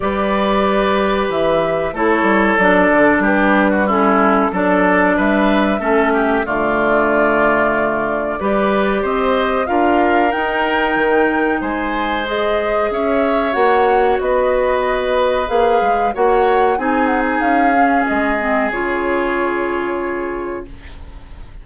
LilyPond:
<<
  \new Staff \with { instrumentName = "flute" } { \time 4/4 \tempo 4 = 93 d''2 e''4 cis''4 | d''4 b'4 a'4 d''4 | e''2 d''2~ | d''2 dis''4 f''4 |
g''2 gis''4 dis''4 | e''4 fis''4 dis''2 | f''4 fis''4 gis''8 fis''16 gis''16 f''4 | dis''4 cis''2. | }
  \new Staff \with { instrumentName = "oboe" } { \time 4/4 b'2. a'4~ | a'4 g'8. fis'16 e'4 a'4 | b'4 a'8 g'8 f'2~ | f'4 b'4 c''4 ais'4~ |
ais'2 c''2 | cis''2 b'2~ | b'4 cis''4 gis'2~ | gis'1 | }
  \new Staff \with { instrumentName = "clarinet" } { \time 4/4 g'2. e'4 | d'2 cis'4 d'4~ | d'4 cis'4 a2~ | a4 g'2 f'4 |
dis'2. gis'4~ | gis'4 fis'2. | gis'4 fis'4 dis'4. cis'8~ | cis'8 c'8 f'2. | }
  \new Staff \with { instrumentName = "bassoon" } { \time 4/4 g2 e4 a8 g8 | fis8 d8 g2 fis4 | g4 a4 d2~ | d4 g4 c'4 d'4 |
dis'4 dis4 gis2 | cis'4 ais4 b2 | ais8 gis8 ais4 c'4 cis'4 | gis4 cis2. | }
>>